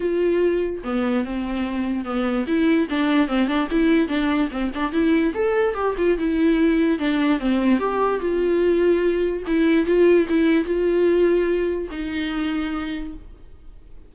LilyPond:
\new Staff \with { instrumentName = "viola" } { \time 4/4 \tempo 4 = 146 f'2 b4 c'4~ | c'4 b4 e'4 d'4 | c'8 d'8 e'4 d'4 c'8 d'8 | e'4 a'4 g'8 f'8 e'4~ |
e'4 d'4 c'4 g'4 | f'2. e'4 | f'4 e'4 f'2~ | f'4 dis'2. | }